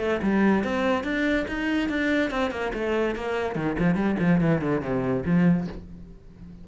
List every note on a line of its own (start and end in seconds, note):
0.00 0.21 A3
0.23 0.64 G3
0.64 1.04 C4
1.04 1.46 D4
1.48 1.90 D#4
1.90 2.31 D4
2.31 2.51 C4
2.51 2.72 A#3
2.74 3.16 A3
3.16 3.55 A#3
3.55 3.76 D#3
3.79 3.95 F3
3.95 4.16 G3
4.20 4.41 F3
4.41 4.62 E3
4.62 4.82 D3
4.82 5.24 C3
5.26 5.68 F3